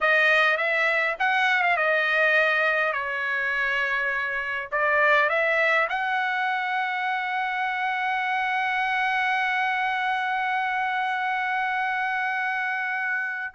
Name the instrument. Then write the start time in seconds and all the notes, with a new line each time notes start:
trumpet
0.01 D#5
0.57 E5
1.19 F#5
1.62 F5
1.76 D#5
2.92 C#5
4.71 D5
5.29 E5
5.89 F#5